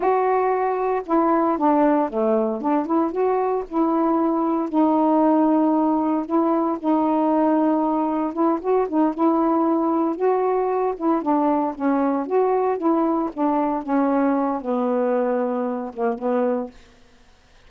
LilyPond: \new Staff \with { instrumentName = "saxophone" } { \time 4/4 \tempo 4 = 115 fis'2 e'4 d'4 | a4 d'8 e'8 fis'4 e'4~ | e'4 dis'2. | e'4 dis'2. |
e'8 fis'8 dis'8 e'2 fis'8~ | fis'4 e'8 d'4 cis'4 fis'8~ | fis'8 e'4 d'4 cis'4. | b2~ b8 ais8 b4 | }